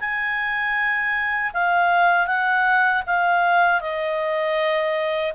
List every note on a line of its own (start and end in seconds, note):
0.00 1.52 G#5
1.54 2.27 F5
2.27 3.03 F#5
3.07 3.81 F5
3.81 5.33 D#5